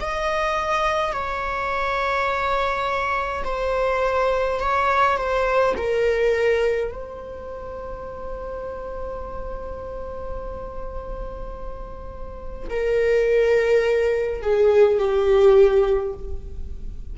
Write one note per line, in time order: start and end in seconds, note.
0.00 1.12 D#5
1.12 3.43 C#5
3.44 4.59 C5
4.59 5.17 C#5
5.17 5.74 C5
5.76 6.91 A#4
6.91 12.68 C5
12.69 14.41 A#4
14.41 14.98 G#4
14.98 16.13 G4